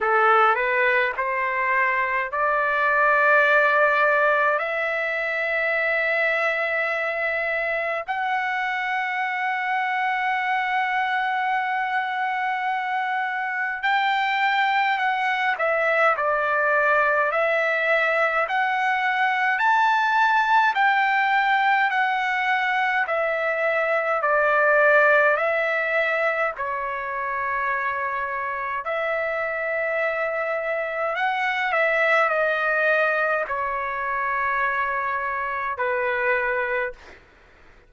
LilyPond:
\new Staff \with { instrumentName = "trumpet" } { \time 4/4 \tempo 4 = 52 a'8 b'8 c''4 d''2 | e''2. fis''4~ | fis''1 | g''4 fis''8 e''8 d''4 e''4 |
fis''4 a''4 g''4 fis''4 | e''4 d''4 e''4 cis''4~ | cis''4 e''2 fis''8 e''8 | dis''4 cis''2 b'4 | }